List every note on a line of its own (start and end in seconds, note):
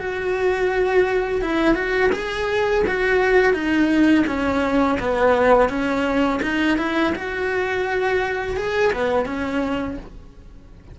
0.00 1.42 F#4
1.42 1.75 E4
1.75 2.10 F#4
2.13 2.84 G#4
2.88 3.53 F#4
3.53 4.25 D#4
4.27 4.99 C#4
5.00 5.69 B3
5.69 6.41 C#4
6.43 6.78 D#4
6.78 7.14 E4
7.16 8.57 F#4
8.57 8.93 G#4
8.93 9.26 B3
9.26 9.97 C#4